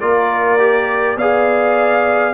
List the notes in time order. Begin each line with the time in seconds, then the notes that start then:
0.00 A#3 F4 A#4 D5
0.59 G4
1.17 B3 G#4 D5 F5